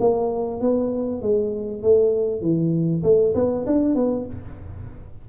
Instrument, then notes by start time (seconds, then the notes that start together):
tuba
0.00 A#3
0.61 B3
1.22 G#3
1.82 A3
2.42 E3
3.03 A3
3.35 B3
3.67 D4
3.95 B3